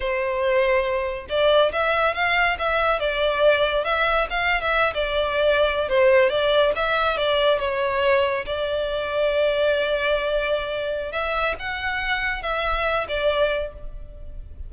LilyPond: \new Staff \with { instrumentName = "violin" } { \time 4/4 \tempo 4 = 140 c''2. d''4 | e''4 f''4 e''4 d''4~ | d''4 e''4 f''8. e''8. d''8~ | d''4.~ d''16 c''4 d''4 e''16~ |
e''8. d''4 cis''2 d''16~ | d''1~ | d''2 e''4 fis''4~ | fis''4 e''4. d''4. | }